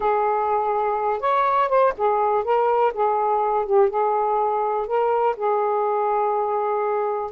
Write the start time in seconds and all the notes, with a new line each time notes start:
0.00 G#4
1.20 C#5
1.68 C5
1.97 G#4
2.44 A#4
2.93 G#4
3.65 G4
3.89 G#4
4.86 A#4
5.36 G#4